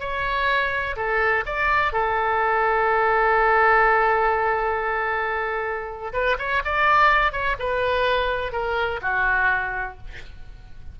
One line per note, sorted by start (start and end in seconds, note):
0.00 0.96 C#5
0.96 1.44 A4
1.46 1.92 D5
1.92 6.12 A4
6.13 6.37 B4
6.39 6.63 C#5
6.65 7.32 D5
7.32 7.56 C#5
7.59 8.52 B4
8.52 9.00 A#4
9.02 9.98 F#4